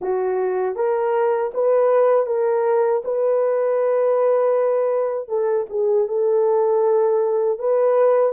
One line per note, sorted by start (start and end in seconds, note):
0.01 0.75 F#4
0.75 1.51 A#4
1.54 2.26 B4
2.26 3.02 A#4
3.04 5.28 B4
5.28 5.66 A4
5.69 6.07 G#4
6.07 7.58 A4
7.58 8.32 B4